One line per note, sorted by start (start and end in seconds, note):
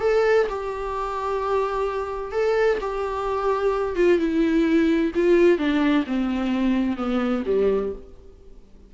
0.00 0.47 A4
0.49 2.32 G4
2.32 2.78 A4
2.80 3.95 G4
3.95 4.18 F4
4.18 5.11 E4
5.14 5.58 F4
5.58 6.04 D4
6.06 6.97 C4
6.97 7.43 B3
7.45 7.92 G3